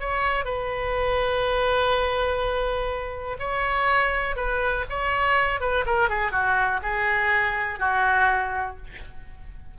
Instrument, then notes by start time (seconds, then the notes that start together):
oboe
0.00 C#5
0.44 B4
3.39 C#5
4.36 B4
4.89 C#5
5.60 B4
5.86 A#4
6.09 G#4
6.31 F#4
6.82 G#4
7.79 F#4